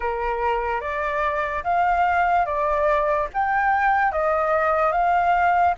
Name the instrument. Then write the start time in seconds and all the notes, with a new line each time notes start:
flute
0.00 A#4
0.80 D5
1.63 F5
2.45 D5
3.33 G5
4.11 D#5
4.92 F5